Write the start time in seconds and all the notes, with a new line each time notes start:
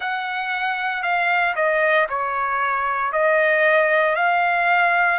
0.00 F#5
1.03 F5
1.55 D#5
2.09 C#5
3.12 D#5
4.15 F5